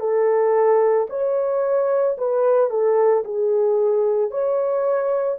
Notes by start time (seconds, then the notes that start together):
0.00 A4
1.10 C#5
2.18 B4
2.70 A4
3.24 G#4
4.31 C#5